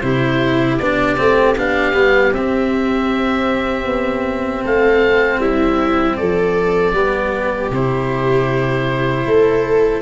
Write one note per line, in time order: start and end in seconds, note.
0.00 0.79 C3
0.00 0.80 E4
0.00 4.63 G4
0.00 0.77 C5
0.78 1.18 B3
0.78 1.17 D4
0.78 1.54 D5
1.17 1.57 A3
1.17 1.55 C4
1.57 1.94 B3
1.57 1.93 D4
1.57 2.33 F5
1.93 2.32 G3
1.93 2.31 B3
2.33 3.85 C4
2.33 6.94 C4
2.33 4.64 E5
3.85 4.62 B3
4.63 5.38 A3
4.63 5.40 A4
4.63 5.40 F5
5.38 6.15 G3
5.38 6.17 E4
5.38 6.16 E5
6.16 6.92 F3
6.16 6.94 A4
6.16 7.70 D5
6.92 7.69 G3
6.92 7.71 B3
6.92 9.25 G4
7.70 9.24 C3
7.70 10.01 E4
7.70 10.01 C5
9.25 10.01 A3
9.25 10.01 A4